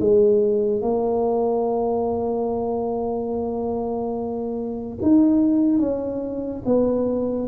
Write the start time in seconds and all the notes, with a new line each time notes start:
0.00 G#3
0.82 A#3
5.02 D#4
5.79 C#4
6.66 B3